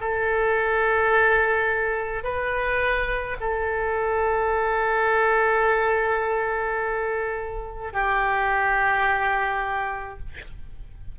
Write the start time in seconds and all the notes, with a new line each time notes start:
0.00 A4
2.23 B4
3.40 A4
7.92 G4